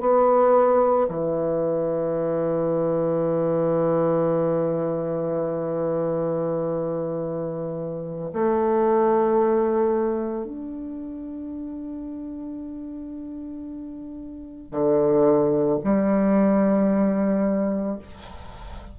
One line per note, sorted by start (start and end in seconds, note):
0.00 1.07 B3
1.08 8.31 E3
8.33 10.44 A3
10.44 14.71 D4
14.71 15.78 D3
15.84 17.98 G3